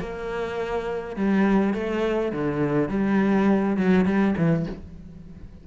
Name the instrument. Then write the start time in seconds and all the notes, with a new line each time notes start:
cello
0.00 A#3
1.16 G3
1.74 A3
2.32 D3
2.89 G3
3.77 F#3
4.05 G3
4.37 E3